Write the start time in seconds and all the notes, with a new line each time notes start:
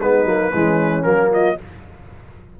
0.00 G#3 B3 D#4 B4
0.25 F#3 A#3
0.53 E3 G#3 C#4
1.03 F#3 A#3 A#4
1.32 F4 D#5